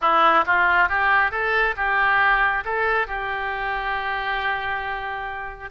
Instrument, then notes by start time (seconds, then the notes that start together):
oboe
0.01 E4
0.46 F4
0.89 G4
1.31 A4
1.76 G4
2.65 A4
3.07 G4